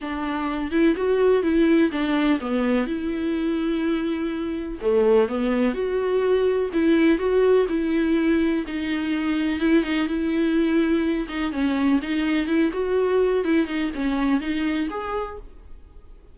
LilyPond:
\new Staff \with { instrumentName = "viola" } { \time 4/4 \tempo 4 = 125 d'4. e'8 fis'4 e'4 | d'4 b4 e'2~ | e'2 a4 b4 | fis'2 e'4 fis'4 |
e'2 dis'2 | e'8 dis'8 e'2~ e'8 dis'8 | cis'4 dis'4 e'8 fis'4. | e'8 dis'8 cis'4 dis'4 gis'4 | }